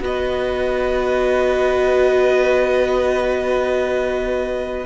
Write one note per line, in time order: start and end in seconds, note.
0.00 4.84 B3
0.00 4.85 F#4
0.00 4.86 B4
0.00 4.86 D#5